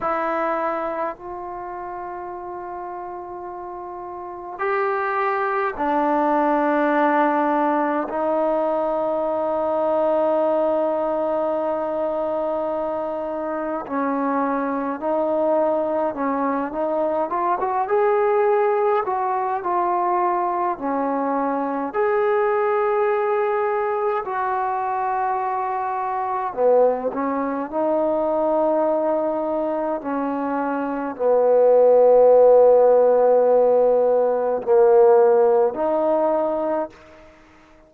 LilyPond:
\new Staff \with { instrumentName = "trombone" } { \time 4/4 \tempo 4 = 52 e'4 f'2. | g'4 d'2 dis'4~ | dis'1 | cis'4 dis'4 cis'8 dis'8 f'16 fis'16 gis'8~ |
gis'8 fis'8 f'4 cis'4 gis'4~ | gis'4 fis'2 b8 cis'8 | dis'2 cis'4 b4~ | b2 ais4 dis'4 | }